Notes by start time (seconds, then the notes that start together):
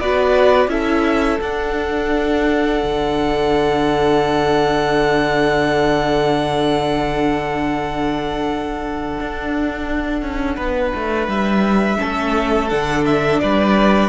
0.00 B3 F#4 B4 D5
0.68 C#4 E4 A4 E5
1.41 D4 F#5
2.83 D3
9.21 D4
10.22 C#4
10.56 B3 B4
10.95 A3
11.28 G3 E5
11.99 A3 C#4 A4
12.69 D3 D4 F#5
13.06 E5
13.40 G3 B4 D5